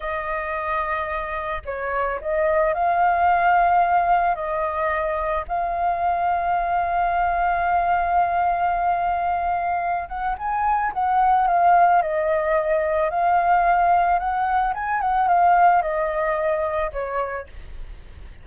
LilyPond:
\new Staff \with { instrumentName = "flute" } { \time 4/4 \tempo 4 = 110 dis''2. cis''4 | dis''4 f''2. | dis''2 f''2~ | f''1~ |
f''2~ f''8 fis''8 gis''4 | fis''4 f''4 dis''2 | f''2 fis''4 gis''8 fis''8 | f''4 dis''2 cis''4 | }